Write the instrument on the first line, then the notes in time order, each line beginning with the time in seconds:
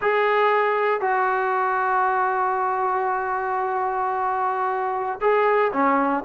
trombone
0.01 G#4
1.00 F#4
5.20 G#4
5.72 C#4